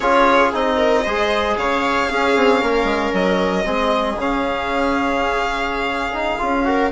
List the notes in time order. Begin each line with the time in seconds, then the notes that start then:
0.00 C#4 F4 G#4 C#5
0.53 C4 D#4 D#5
0.76 A#4
1.04 G#3 G#4 C5
1.57 C#3 C#5 F5
2.09 C#4 G#4
2.35 C4
2.60 A#3 A#4
2.84 G#3
3.13 F#3 D#5
3.64 G#3 C4 G#4
4.15 C#3 C#4 F5
6.12 D#4
6.38 C#4 F4
6.64 F#4 A#4